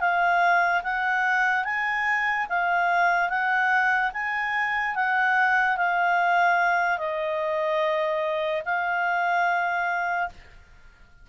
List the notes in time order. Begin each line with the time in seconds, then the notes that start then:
0.00 F5
0.83 F#5
1.64 G#5
2.49 F5
3.29 F#5
4.13 G#5
4.95 F#5
5.77 F5
6.98 D#5
8.65 F5